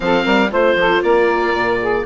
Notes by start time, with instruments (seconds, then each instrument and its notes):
0.00 bassoon F3, viola C4, saxophone A4, oboe F5
0.24 bassoon G3, saxophone A#4
0.51 bassoon A3, viola F4, saxophone C5, oboe C5
0.74 bassoon F3, saxophone A4
1.03 bassoon A#3, saxophone A#4, oboe D5
1.53 bassoon A#2
1.80 saxophone G#4